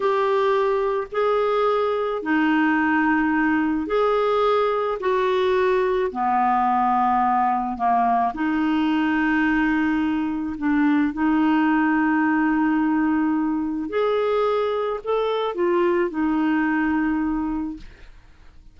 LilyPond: \new Staff \with { instrumentName = "clarinet" } { \time 4/4 \tempo 4 = 108 g'2 gis'2 | dis'2. gis'4~ | gis'4 fis'2 b4~ | b2 ais4 dis'4~ |
dis'2. d'4 | dis'1~ | dis'4 gis'2 a'4 | f'4 dis'2. | }